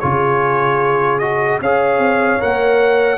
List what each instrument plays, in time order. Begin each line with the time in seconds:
0.00 tuba C#3, trombone F4, horn G#4, trumpet C#5
1.19 trombone F#4, trumpet D#5
1.61 tuba C#4, trombone G#4, horn C#5, trumpet F5
1.99 tuba C4
2.40 tuba A#3, trombone A#4, trumpet F#5